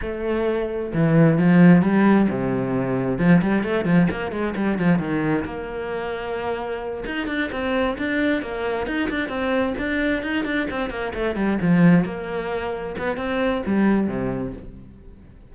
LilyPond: \new Staff \with { instrumentName = "cello" } { \time 4/4 \tempo 4 = 132 a2 e4 f4 | g4 c2 f8 g8 | a8 f8 ais8 gis8 g8 f8 dis4 | ais2.~ ais8 dis'8 |
d'8 c'4 d'4 ais4 dis'8 | d'8 c'4 d'4 dis'8 d'8 c'8 | ais8 a8 g8 f4 ais4.~ | ais8 b8 c'4 g4 c4 | }